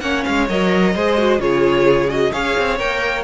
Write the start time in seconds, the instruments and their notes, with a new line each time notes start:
0.00 cello A#3, viola C#4, violin C#5 F#5
0.24 cello G#3, violin F5
0.48 cello F#3, viola A#4, violin D#5
0.95 cello G#3, viola G#4, violin C5
1.18 viola F#4
1.38 cello C#3, viola F4, violin G#4 C#5
2.08 viola F#4, violin D#5
2.32 cello C#4, viola G#4, violin C#5 F5
2.58 cello C4
2.79 cello A#3, viola A#4, violin G5